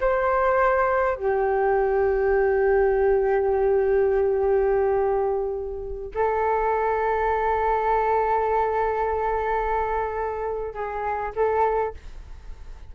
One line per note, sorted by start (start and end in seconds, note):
0.00 1.16 C5
1.16 6.11 G4
6.14 10.74 A4
10.74 11.32 G#4
11.35 11.94 A4